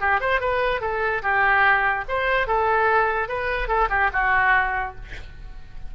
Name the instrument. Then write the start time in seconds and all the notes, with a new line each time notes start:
oboe
0.00 G4
0.20 C5
0.40 B4
0.81 A4
1.22 G4
2.08 C5
2.47 A4
3.28 B4
3.68 A4
3.89 G4
4.13 F#4